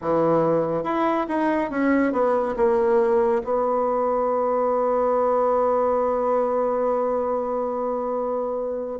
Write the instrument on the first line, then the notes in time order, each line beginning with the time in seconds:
bassoon
0.01 E3
0.83 E4
1.28 D#4
1.70 C#4
2.12 B3
2.56 A#3
3.44 B3